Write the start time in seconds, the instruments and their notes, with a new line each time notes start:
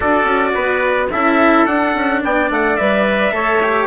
0.00 bassoon D4, cello F#4, trumpet A4 D5
0.24 bassoon C#4
0.54 bassoon B3, trumpet B4
1.10 bassoon C#4, cello E4, trumpet A4 E5
1.66 bassoon D4, cello D4, trumpet F#5
1.94 bassoon C#4
2.24 bassoon B3, trumpet D5 G5
2.50 bassoon A3, trumpet F#5
2.76 bassoon G3, cello B4, trumpet E5
3.31 bassoon A3, cello A4, trumpet C#5
3.62 cello G4